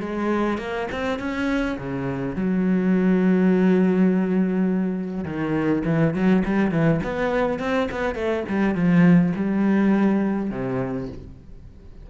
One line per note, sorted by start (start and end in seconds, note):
0.00 0.58 G#3
0.58 0.87 A#3
0.92 1.19 C4
1.19 1.77 C#4
1.78 2.36 C#3
2.36 5.25 F#3
5.25 5.83 D#3
5.85 6.14 E3
6.14 6.43 F#3
6.45 6.71 G3
6.71 7.01 E3
7.04 7.59 B3
7.59 7.88 C4
7.91 8.15 B3
8.15 8.44 A3
8.49 8.75 G3
8.75 9.33 F3
9.36 10.50 G3
10.50 11.09 C3